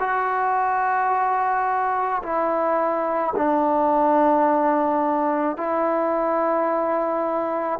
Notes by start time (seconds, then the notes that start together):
0.00 F#4
2.23 E4
3.36 D4
5.57 E4